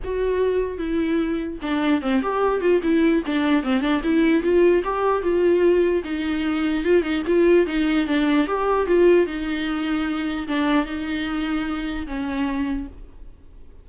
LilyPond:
\new Staff \with { instrumentName = "viola" } { \time 4/4 \tempo 4 = 149 fis'2 e'2 | d'4 c'8 g'4 f'8 e'4 | d'4 c'8 d'8 e'4 f'4 | g'4 f'2 dis'4~ |
dis'4 f'8 dis'8 f'4 dis'4 | d'4 g'4 f'4 dis'4~ | dis'2 d'4 dis'4~ | dis'2 cis'2 | }